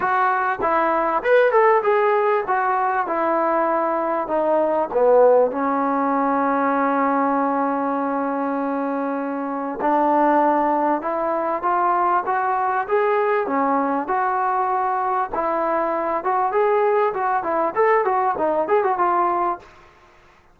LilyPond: \new Staff \with { instrumentName = "trombone" } { \time 4/4 \tempo 4 = 98 fis'4 e'4 b'8 a'8 gis'4 | fis'4 e'2 dis'4 | b4 cis'2.~ | cis'1 |
d'2 e'4 f'4 | fis'4 gis'4 cis'4 fis'4~ | fis'4 e'4. fis'8 gis'4 | fis'8 e'8 a'8 fis'8 dis'8 gis'16 fis'16 f'4 | }